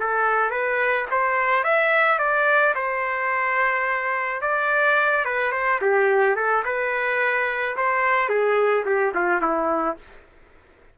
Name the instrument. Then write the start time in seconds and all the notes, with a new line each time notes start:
trumpet
0.00 A4
0.51 B4
1.11 C5
1.64 E5
2.19 D5
2.75 C5
4.42 D5
5.25 B4
5.52 C5
5.81 G4
6.36 A4
6.65 B4
7.77 C5
8.29 G#4
8.85 G4
9.14 F4
9.42 E4